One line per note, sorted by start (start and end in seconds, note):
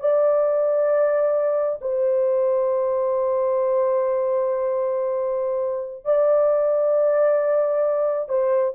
0.00 1.79 D5
1.82 6.05 C5
6.05 8.29 D5
8.29 8.74 C5